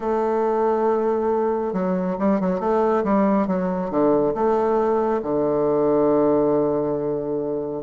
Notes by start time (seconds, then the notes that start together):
0.00 A3
1.73 F#3
2.19 G3
2.40 F#3
2.60 A3
3.04 G3
3.47 F#3
3.90 D3
4.34 A3
5.22 D3